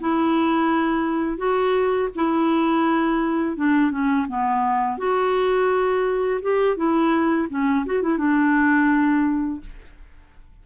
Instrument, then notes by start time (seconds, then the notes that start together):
clarinet
0.00 E4
1.37 F#4
2.15 E4
3.56 D4
3.91 C#4
4.28 B3
4.98 F#4
6.42 G4
6.76 E4
7.49 C#4
7.86 F#4
8.02 E4
8.18 D4